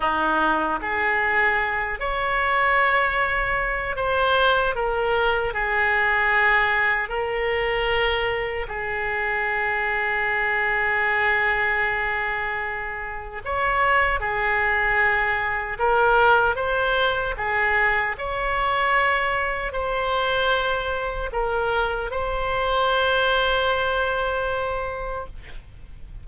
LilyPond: \new Staff \with { instrumentName = "oboe" } { \time 4/4 \tempo 4 = 76 dis'4 gis'4. cis''4.~ | cis''4 c''4 ais'4 gis'4~ | gis'4 ais'2 gis'4~ | gis'1~ |
gis'4 cis''4 gis'2 | ais'4 c''4 gis'4 cis''4~ | cis''4 c''2 ais'4 | c''1 | }